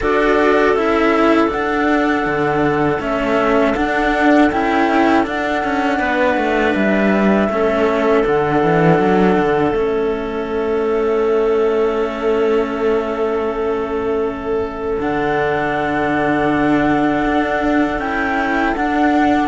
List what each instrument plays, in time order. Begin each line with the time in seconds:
0.00 cello D4 F#4, clarinet A4, flute D5
0.73 cello C#4 E4, flute E5
1.47 cello D4, flute F#5
1.54 cello D4
2.25 cello D3
2.99 cello A3 C#4, flute E5
3.75 cello D4, flute F#5
4.50 cello C#4 E4, flute G5
5.23 cello D4, flute F#5
5.63 cello C#4
5.98 cello B3, clarinet B4
6.37 cello A3
6.74 cello G3, flute E5
7.48 cello A3 C#4, clarinet A4
8.24 cello D3 D4, flute F#5
8.62 cello E3
8.99 cello F#3
9.38 cello D3
9.72 cello A3 C#4, flute E5
14.99 cello D3 D4, flute F#5
17.25 cello D4
17.98 cello C#4 E4, flute G5
18.74 cello D4, flute F#5